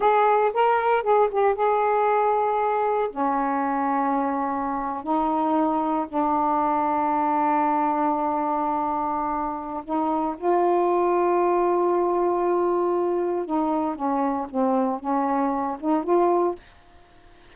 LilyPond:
\new Staff \with { instrumentName = "saxophone" } { \time 4/4 \tempo 4 = 116 gis'4 ais'4 gis'8 g'8 gis'4~ | gis'2 cis'2~ | cis'4.~ cis'16 dis'2 d'16~ | d'1~ |
d'2. dis'4 | f'1~ | f'2 dis'4 cis'4 | c'4 cis'4. dis'8 f'4 | }